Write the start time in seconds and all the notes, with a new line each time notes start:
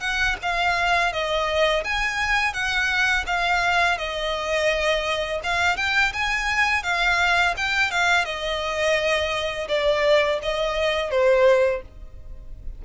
0.00 F#5
0.42 F5
1.12 D#5
1.84 G#5
2.53 F#5
3.26 F5
3.97 D#5
5.43 F5
5.76 G5
6.13 G#5
6.83 F5
7.56 G5
7.91 F5
8.25 D#5
9.68 D5
10.42 D#5
11.10 C5